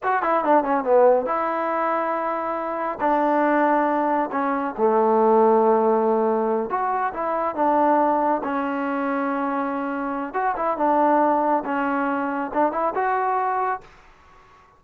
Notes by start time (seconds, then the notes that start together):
0.03 F#4
0.22 E4
0.44 D4
0.63 C#4
0.84 B3
1.26 E4
3.00 D4
4.31 C#4
4.77 A3
6.69 F#4
7.13 E4
7.55 D4
8.43 C#4
10.33 F#4
10.56 E4
10.77 D4
11.64 C#4
12.53 D4
12.72 E4
12.94 F#4